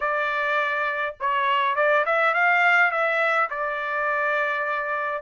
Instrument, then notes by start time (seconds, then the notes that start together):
trumpet
0.00 D5
1.19 C#5
1.75 D5
2.05 E5
2.34 F5
2.91 E5
3.50 D5